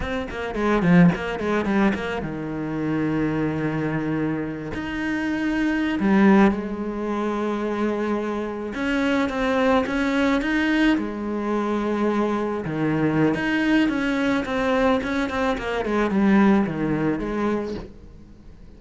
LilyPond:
\new Staff \with { instrumentName = "cello" } { \time 4/4 \tempo 4 = 108 c'8 ais8 gis8 f8 ais8 gis8 g8 ais8 | dis1~ | dis8 dis'2~ dis'16 g4 gis16~ | gis2.~ gis8. cis'16~ |
cis'8. c'4 cis'4 dis'4 gis16~ | gis2~ gis8. dis4~ dis16 | dis'4 cis'4 c'4 cis'8 c'8 | ais8 gis8 g4 dis4 gis4 | }